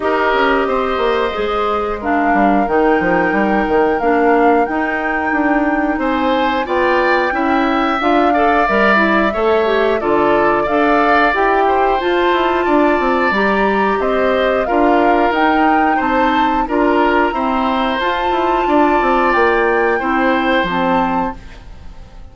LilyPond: <<
  \new Staff \with { instrumentName = "flute" } { \time 4/4 \tempo 4 = 90 dis''2. f''4 | g''2 f''4 g''4~ | g''4 gis''4 g''2 | f''4 e''2 d''4 |
f''4 g''4 a''2 | ais''4 dis''4 f''4 g''4 | a''4 ais''2 a''4~ | a''4 g''2 a''4 | }
  \new Staff \with { instrumentName = "oboe" } { \time 4/4 ais'4 c''2 ais'4~ | ais'1~ | ais'4 c''4 d''4 e''4~ | e''8 d''4. cis''4 a'4 |
d''4. c''4. d''4~ | d''4 c''4 ais'2 | c''4 ais'4 c''2 | d''2 c''2 | }
  \new Staff \with { instrumentName = "clarinet" } { \time 4/4 g'2 gis'4 d'4 | dis'2 d'4 dis'4~ | dis'2 f'4 e'4 | f'8 a'8 ais'8 e'8 a'8 g'8 f'4 |
a'4 g'4 f'2 | g'2 f'4 dis'4~ | dis'4 f'4 c'4 f'4~ | f'2 e'4 c'4 | }
  \new Staff \with { instrumentName = "bassoon" } { \time 4/4 dis'8 cis'8 c'8 ais8 gis4. g8 | dis8 f8 g8 dis8 ais4 dis'4 | d'4 c'4 b4 cis'4 | d'4 g4 a4 d4 |
d'4 e'4 f'8 e'8 d'8 c'8 | g4 c'4 d'4 dis'4 | c'4 d'4 e'4 f'8 e'8 | d'8 c'8 ais4 c'4 f4 | }
>>